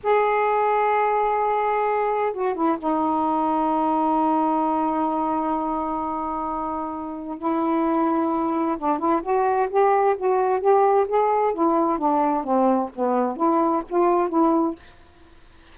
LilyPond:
\new Staff \with { instrumentName = "saxophone" } { \time 4/4 \tempo 4 = 130 gis'1~ | gis'4 fis'8 e'8 dis'2~ | dis'1~ | dis'1 |
e'2. d'8 e'8 | fis'4 g'4 fis'4 g'4 | gis'4 e'4 d'4 c'4 | b4 e'4 f'4 e'4 | }